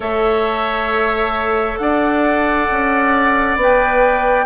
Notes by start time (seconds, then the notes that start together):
0.00 A3 A4 C#5 E5
1.78 D4 D5 F#5
2.70 C#4
3.55 B3 B4
3.62 G5